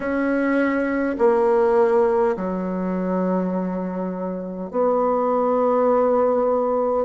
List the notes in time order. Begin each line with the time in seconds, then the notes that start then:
0.00 C#4
1.18 A#3
2.36 F#3
4.71 B3